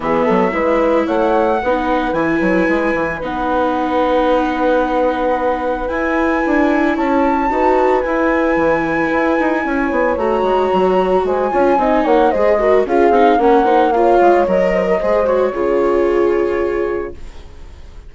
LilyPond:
<<
  \new Staff \with { instrumentName = "flute" } { \time 4/4 \tempo 4 = 112 e''2 fis''2 | gis''2 fis''2~ | fis''2. gis''4~ | gis''4 a''2 gis''4~ |
gis''2. ais''4~ | ais''4 gis''4. fis''8 dis''4 | f''4 fis''4 f''4 dis''4~ | dis''8 cis''2.~ cis''8 | }
  \new Staff \with { instrumentName = "horn" } { \time 4/4 gis'8 a'8 b'4 cis''4 b'4~ | b'1~ | b'1~ | b'4 cis''4 b'2~ |
b'2 cis''2~ | cis''4 c''8 cis''8 dis''8 cis''8 c''8 ais'8 | gis'4 ais'8 c''8 cis''4. c''16 ais'16 | c''4 gis'2. | }
  \new Staff \with { instrumentName = "viola" } { \time 4/4 b4 e'2 dis'4 | e'2 dis'2~ | dis'2. e'4~ | e'2 fis'4 e'4~ |
e'2. fis'4~ | fis'4. f'8 dis'4 gis'8 fis'8 | f'8 dis'8 cis'8 dis'8 f'4 ais'4 | gis'8 fis'8 f'2. | }
  \new Staff \with { instrumentName = "bassoon" } { \time 4/4 e8 fis8 gis4 a4 b4 | e8 fis8 gis8 e8 b2~ | b2. e'4 | d'4 cis'4 dis'4 e'4 |
e4 e'8 dis'8 cis'8 b8 a8 gis8 | fis4 gis8 cis'8 c'8 ais8 gis4 | cis'8 c'8 ais4. gis8 fis4 | gis4 cis2. | }
>>